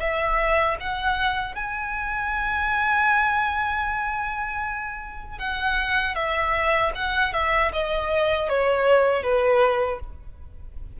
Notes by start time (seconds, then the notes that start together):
0.00 E5
0.80 F#5
1.55 G#5
5.39 F#5
6.15 E5
6.95 F#5
7.33 E5
7.72 D#5
8.49 C#5
9.23 B4